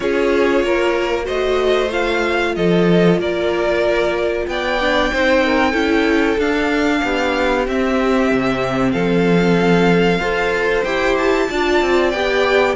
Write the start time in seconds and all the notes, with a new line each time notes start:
0.00 C#4 F4 G#4 C#5
0.63 A#3 A#4
1.23 A3 F#4 C5 D#5
1.91 F4 F5
2.55 F3 A4 D#5
3.18 A#3 A#4 D5
4.47 B3 D5 G5
4.80 D4
5.12 C4 D#4 C5
5.43 A#4
5.70 C#4 E4 A4
6.37 D4 F5
7.03 B3 G4
7.67 C4 E5
8.31 C3
8.91 F3 A4 F5
10.19 F4 A4 C5
10.83 E4 G4 G5
11.17 A5
11.50 D4 F4 D5
11.81 C4
12.10 B3 G4 G5